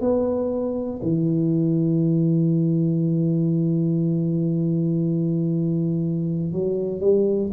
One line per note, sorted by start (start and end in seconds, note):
0.00 1.00 B3
1.02 6.52 E3
6.52 7.00 F#3
7.00 7.50 G3